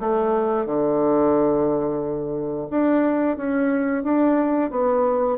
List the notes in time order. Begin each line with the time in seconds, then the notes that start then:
0.00 A3
0.66 D3
2.71 D4
3.38 C#4
4.04 D4
4.71 B3